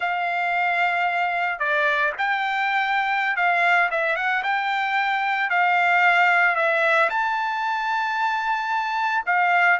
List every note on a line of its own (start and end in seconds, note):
0.00 1.59 F5
1.59 2.12 D5
2.18 3.36 G5
3.36 3.89 F5
3.90 4.15 E5
4.15 4.42 F#5
4.43 5.49 G5
5.49 6.55 F5
6.55 7.09 E5
7.09 9.24 A5
9.26 9.79 F5